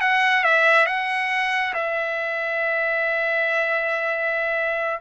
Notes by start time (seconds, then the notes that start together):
0.00 F#5
0.43 E5
0.86 F#5
1.74 E5